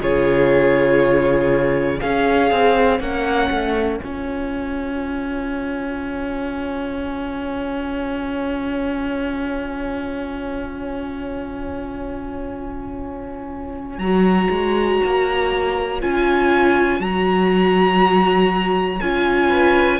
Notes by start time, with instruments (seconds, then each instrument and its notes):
0.00 cello C#3, viola F4, violin G#4 C#5
1.99 cello C#4, viola G#4, violin C#5 F5
2.51 cello C4
2.99 cello A#3, viola C#4, violin F#5
3.50 cello A3
3.99 cello C#4, viola F4, violin G#5
13.98 cello F#3, viola F#4, violin A#5
14.50 cello G#3
15.04 cello A#3
16.00 cello C#4, viola F4, violin G#5
17.00 cello F#3, viola F#4, violin A#5
19.00 cello C#4, viola F4, violin G#5
19.49 violin B4